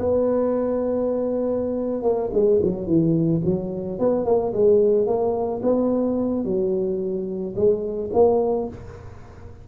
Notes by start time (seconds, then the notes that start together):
0.00 B3
2.03 A#3
2.33 G#3
2.63 F#3
2.87 E3
3.45 F#3
3.99 B3
4.25 A#3
4.53 G#3
5.07 A#3
5.63 B3
6.45 F#3
7.56 G#3
8.13 A#3